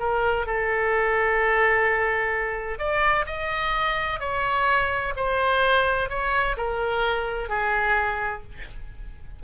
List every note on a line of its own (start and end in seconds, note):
0.00 0.47 A#4
0.47 2.79 A4
2.79 3.26 D5
3.27 4.20 D#5
4.20 5.14 C#5
5.17 6.10 C5
6.10 6.56 C#5
6.57 7.49 A#4
7.49 8.43 G#4